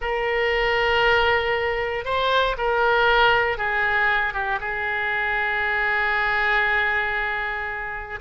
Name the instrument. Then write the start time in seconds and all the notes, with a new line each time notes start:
oboe
0.01 A#4
2.04 C5
2.57 A#4
3.57 G#4
4.33 G4
4.60 G#4